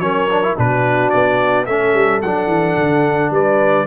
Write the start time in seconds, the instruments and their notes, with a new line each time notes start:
0.00 tuba F#3, trombone C#4, horn A#4, trumpet C#5
0.30 trombone D4
0.44 trombone E4
0.57 tuba B2, trombone D4, horn F#4, trumpet B4
1.10 tuba B3, trumpet D5
1.66 tuba A3, trombone C#4, horn A4, trumpet E5
1.94 tuba G3
2.22 tuba F#3, trombone D4, trumpet F#5
2.47 tuba E3
2.77 tuba D3
3.31 tuba G3, horn B4, trumpet D5